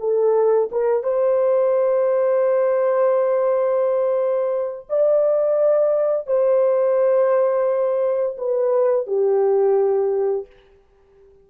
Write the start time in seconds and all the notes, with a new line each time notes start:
0.00 A4
0.72 A#4
1.03 C5
4.89 D5
6.27 C5
8.38 B4
9.07 G4